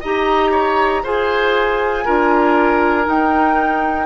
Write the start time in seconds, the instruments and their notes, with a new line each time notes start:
0.00 bassoon D#4, clarinet G4, oboe D#5, flute A#5
0.51 oboe C#5
1.03 bassoon F4, clarinet G#4, oboe C5, flute G#5
2.05 bassoon D4, clarinet F4, oboe A#4
3.04 clarinet D#4, bassoon D#4, flute G5